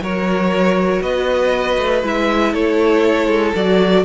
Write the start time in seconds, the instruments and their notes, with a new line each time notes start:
0.00 cello F#3, viola F#4, violin A#4 C#5
1.01 cello B3, violin B4 D#5
1.78 cello A3
2.03 cello G#3, viola E4, violin E5
2.52 cello A3, violin A4 C#5
3.27 cello G#3
3.55 cello F#3, viola F#4, violin D5